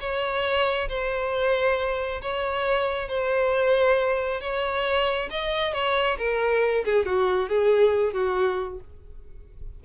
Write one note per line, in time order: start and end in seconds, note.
0.00 0.88 C#5
0.88 2.21 C5
2.21 3.08 C#5
3.08 4.40 C5
4.40 5.29 C#5
5.30 5.73 D#5
5.73 6.17 C#5
6.18 6.84 A#4
6.84 7.05 G#4
7.05 7.48 F#4
7.48 8.13 G#4
8.13 8.79 F#4